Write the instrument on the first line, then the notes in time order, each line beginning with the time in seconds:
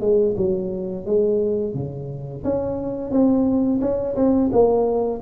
tuba
0.00 G#3
0.37 F#3
1.05 G#3
1.74 C#3
2.44 C#4
3.11 C4
3.81 C#4
4.16 C4
4.52 A#3